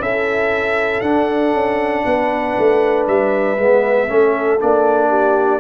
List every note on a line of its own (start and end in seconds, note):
0.00 1.02 C#4
0.00 1.03 E4
0.00 2.06 A4
0.00 1.01 E5
1.01 1.53 D4
1.01 3.58 D4
1.01 3.04 F#5
1.53 2.04 C#4
2.06 2.57 B3
2.06 4.11 B4
2.58 3.08 A3
3.08 3.58 G3
3.08 4.61 E5
3.58 4.09 G#3
3.58 4.08 B3
4.08 4.61 A3
4.08 4.59 C#4
4.08 5.09 A4
4.59 5.61 A#3
4.59 5.61 D4
4.59 5.61 D5
5.09 5.60 G4